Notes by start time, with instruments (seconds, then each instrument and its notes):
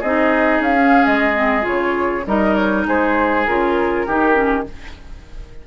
0.00 bassoon C4, clarinet D#4, oboe G#4, flute D#5
0.59 bassoon C#4, flute F5
0.77 clarinet C#4
1.05 bassoon G#3, flute D#5
1.33 clarinet C4
1.62 bassoon C#3, clarinet F4, flute C#5
2.26 bassoon G3, clarinet D#4, oboe A#4, flute D#5
2.55 flute C#5
2.87 bassoon G#3, oboe G#4, flute C5
3.46 bassoon C#3, clarinet F4, flute A#4
4.07 bassoon D#3, clarinet D#4, oboe G4
4.34 clarinet C#4